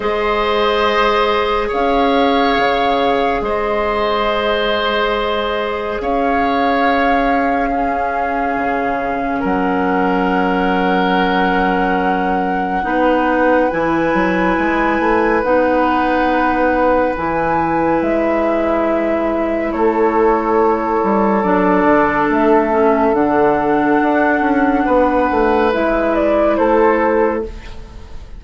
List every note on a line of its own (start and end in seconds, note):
0.00 1.69 G#3
0.00 7.71 G#4
0.00 1.68 C5
0.00 1.69 D#5
1.68 2.58 C#4
1.68 3.39 C#5
1.68 3.44 F5
2.58 3.41 C#3
3.41 5.98 G#3
3.41 6.01 C5
3.41 6.00 D#5
6.00 8.56 C#4
6.00 7.70 C#5
6.00 9.43 F5
7.70 12.83 C#4
7.70 9.39 G#4
8.56 9.42 C#3
9.39 12.84 F#3
9.39 12.82 A#4
9.39 13.70 F#5
12.83 13.69 B3
12.83 13.69 D#4
12.83 19.72 B4
13.70 14.13 E3
13.70 15.42 E4
13.70 15.41 G#5
14.13 14.56 F#3
14.57 14.99 G#3
14.99 15.42 A3
15.43 17.15 B3
15.43 17.15 D#4
15.43 17.14 F#5
17.16 18.01 E3
17.16 21.43 E4
17.16 18.01 G#5
18.01 19.72 G#3
18.01 19.71 E5
19.71 21.01 A3
19.71 24.85 A4
19.71 21.42 C#5
21.03 21.43 G3
21.42 21.84 F#3
21.42 22.70 D4
21.42 22.27 D5
21.84 22.27 D3
22.29 23.13 A3
22.29 23.14 E5
22.70 23.13 C#4
23.13 23.98 D3
23.13 25.71 D4
23.13 25.71 F#5
24.01 24.40 D4
24.40 24.83 C#4
24.85 25.30 B3
24.85 26.56 B4
25.30 25.73 A3
25.71 26.58 G#3
25.71 27.43 E4
25.71 26.15 E5
26.15 26.56 D5
26.56 27.44 A3
26.56 27.43 A4
26.56 27.42 C5